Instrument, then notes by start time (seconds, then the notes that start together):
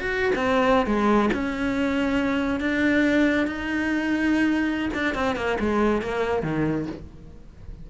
cello
0.00 F#4
0.36 C4
0.87 G#3
1.34 C#4
2.61 D4
3.47 D#4
4.94 D4
5.15 C4
5.36 A#3
5.60 G#3
6.03 A#3
6.43 D#3